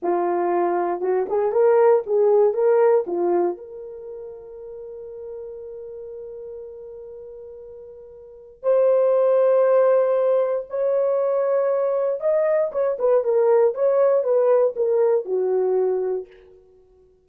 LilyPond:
\new Staff \with { instrumentName = "horn" } { \time 4/4 \tempo 4 = 118 f'2 fis'8 gis'8 ais'4 | gis'4 ais'4 f'4 ais'4~ | ais'1~ | ais'1~ |
ais'4 c''2.~ | c''4 cis''2. | dis''4 cis''8 b'8 ais'4 cis''4 | b'4 ais'4 fis'2 | }